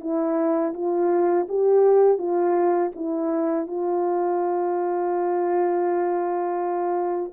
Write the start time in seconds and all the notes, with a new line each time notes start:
0.00 E4
0.74 F4
1.48 G4
2.18 F4
2.95 E4
3.67 F4